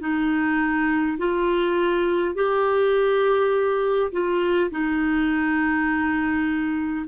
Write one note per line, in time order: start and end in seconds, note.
0.00 1.18 D#4
1.18 2.35 F4
2.35 4.11 G4
4.12 4.71 F4
4.71 7.06 D#4